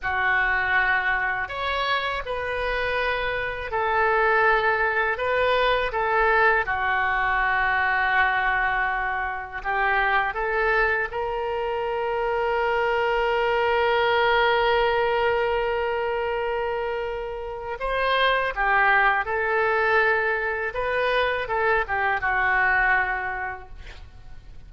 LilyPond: \new Staff \with { instrumentName = "oboe" } { \time 4/4 \tempo 4 = 81 fis'2 cis''4 b'4~ | b'4 a'2 b'4 | a'4 fis'2.~ | fis'4 g'4 a'4 ais'4~ |
ais'1~ | ais'1 | c''4 g'4 a'2 | b'4 a'8 g'8 fis'2 | }